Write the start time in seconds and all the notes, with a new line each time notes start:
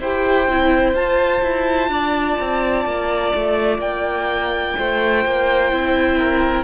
0.00 E4 G4 C5 G5
0.48 C4 E4
0.94 F4 A5
1.43 E4
1.88 D4 D5
2.41 C4
2.86 A#3
3.35 A3
3.79 A#3 G5
4.79 A3 C5
5.25 A#3
5.70 C4 E4
6.19 A#4